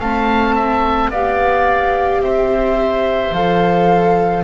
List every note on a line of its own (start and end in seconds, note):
0.00 1.10 A3
0.00 1.12 C4
0.00 0.56 F5
0.00 1.11 A5
0.56 1.11 E5
1.10 2.20 B3
1.10 3.36 G4
1.10 2.22 D5
1.10 2.23 F5
2.20 3.31 C4
2.20 4.44 C5
2.20 3.34 E5
3.32 4.43 F3
3.32 4.44 A4
3.32 4.44 F5